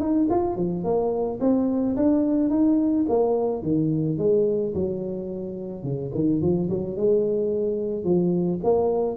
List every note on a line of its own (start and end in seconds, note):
0.00 0.28 D#4
0.30 0.56 F4
0.56 0.84 F3
0.84 1.40 A#3
1.41 1.96 C4
1.97 2.50 D4
2.50 3.06 D#4
3.09 3.63 A#3
3.63 4.18 D#3
4.18 4.74 G#3
4.75 5.84 F#3
5.84 6.11 C#3
6.15 6.42 D#3
6.42 6.69 F3
6.70 6.96 F#3
6.96 8.04 G#3
8.04 8.60 F3
8.64 9.17 A#3